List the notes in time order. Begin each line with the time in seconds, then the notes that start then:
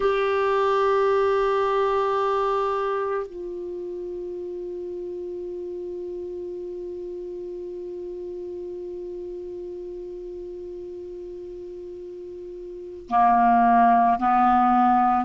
0.00 G4
3.27 F4
13.09 A#3
14.19 B3